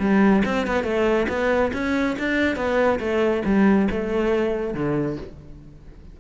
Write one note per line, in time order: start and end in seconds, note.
0.00 0.43 G3
0.46 0.67 C4
0.67 0.84 B3
0.84 1.27 A3
1.29 1.72 B3
1.74 2.17 C#4
2.19 2.56 D4
2.56 3.00 B3
3.00 3.43 A3
3.46 3.89 G3
3.91 4.74 A3
4.74 5.18 D3